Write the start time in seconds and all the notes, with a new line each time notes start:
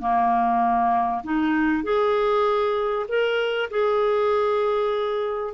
0.00 A#3
1.24 D#4
1.84 G#4
3.09 A#4
3.71 G#4